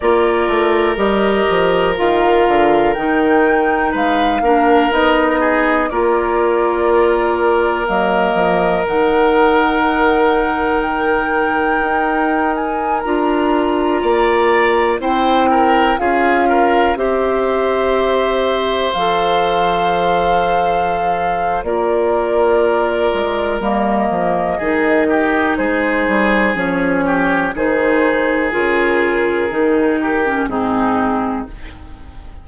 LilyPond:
<<
  \new Staff \with { instrumentName = "flute" } { \time 4/4 \tempo 4 = 61 d''4 dis''4 f''4 g''4 | f''4 dis''4 d''2 | dis''4 fis''2 g''4~ | g''8. gis''8 ais''2 g''8.~ |
g''16 f''4 e''2 f''8.~ | f''2 d''2 | dis''2 c''4 cis''4 | c''4 ais'2 gis'4 | }
  \new Staff \with { instrumentName = "oboe" } { \time 4/4 ais'1 | b'8 ais'4 gis'8 ais'2~ | ais'1~ | ais'2~ ais'16 d''4 c''8 ais'16~ |
ais'16 gis'8 ais'8 c''2~ c''8.~ | c''2 ais'2~ | ais'4 gis'8 g'8 gis'4. g'8 | gis'2~ gis'8 g'8 dis'4 | }
  \new Staff \with { instrumentName = "clarinet" } { \time 4/4 f'4 g'4 f'4 dis'4~ | dis'8 d'8 dis'4 f'2 | ais4 dis'2.~ | dis'4~ dis'16 f'2 e'8.~ |
e'16 f'4 g'2 a'8.~ | a'2 f'2 | ais4 dis'2 cis'4 | dis'4 f'4 dis'8. cis'16 c'4 | }
  \new Staff \with { instrumentName = "bassoon" } { \time 4/4 ais8 a8 g8 f8 dis8 d8 dis4 | gis8 ais8 b4 ais2 | fis8 f8 dis2. | dis'4~ dis'16 d'4 ais4 c'8.~ |
c'16 cis'4 c'2 f8.~ | f2 ais4. gis8 | g8 f8 dis4 gis8 g8 f4 | dis4 cis4 dis4 gis,4 | }
>>